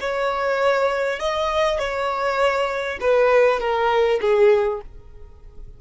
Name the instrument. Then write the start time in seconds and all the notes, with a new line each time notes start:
violin
0.00 C#5
1.19 D#5
1.78 C#5
3.01 B4
3.59 A#4
4.21 G#4